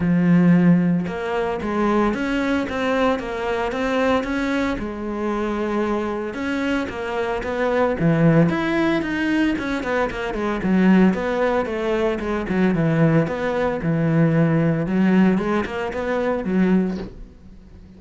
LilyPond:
\new Staff \with { instrumentName = "cello" } { \time 4/4 \tempo 4 = 113 f2 ais4 gis4 | cis'4 c'4 ais4 c'4 | cis'4 gis2. | cis'4 ais4 b4 e4 |
e'4 dis'4 cis'8 b8 ais8 gis8 | fis4 b4 a4 gis8 fis8 | e4 b4 e2 | fis4 gis8 ais8 b4 fis4 | }